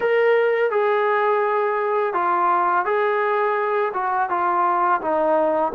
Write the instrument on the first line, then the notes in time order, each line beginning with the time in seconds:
trombone
0.00 A#4
0.70 G#4
2.13 F4
2.85 G#4
3.93 F#4
4.29 F4
5.01 D#4